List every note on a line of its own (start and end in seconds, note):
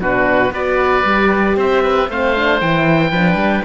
0.00 0.52 B2
0.00 0.52 D4
0.00 0.53 F#4
0.00 0.54 B4
0.52 1.04 B3
0.52 1.06 F#4
0.52 1.57 B4
0.52 1.59 D5
1.05 1.57 G3
1.05 2.10 G4
1.57 2.09 C4
1.57 1.83 C5
1.57 2.11 E5
1.83 2.09 B4
2.09 2.62 A3
2.09 2.36 C4
2.09 3.11 C5
2.09 2.61 F5
2.36 2.61 D4
2.61 3.12 E3
2.61 3.13 E4
2.61 3.65 G5
3.11 3.35 F3
3.11 3.65 D4
3.11 3.63 B4
3.35 3.61 G3